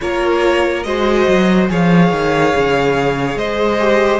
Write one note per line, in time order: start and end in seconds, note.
0.00 0.84 A#3
0.00 0.85 F4
0.00 0.86 A#4
0.00 0.83 C#5
0.83 1.27 G#3
0.83 1.68 F#4
0.83 1.70 C5
0.83 1.67 D#5
1.27 1.69 F#3
1.68 2.11 F3
1.68 3.79 G#4
1.68 3.38 C#5
1.68 3.38 F5
2.11 2.53 D#3
2.55 3.35 C#3
3.35 4.20 G#3
3.35 4.20 C5
3.35 4.20 D#5
3.79 4.20 G4